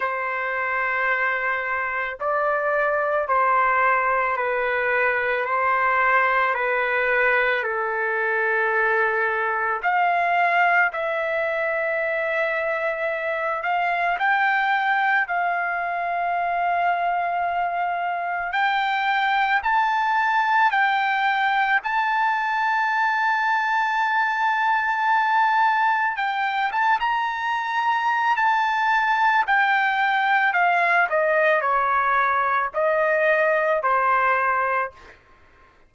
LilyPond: \new Staff \with { instrumentName = "trumpet" } { \time 4/4 \tempo 4 = 55 c''2 d''4 c''4 | b'4 c''4 b'4 a'4~ | a'4 f''4 e''2~ | e''8 f''8 g''4 f''2~ |
f''4 g''4 a''4 g''4 | a''1 | g''8 a''16 ais''4~ ais''16 a''4 g''4 | f''8 dis''8 cis''4 dis''4 c''4 | }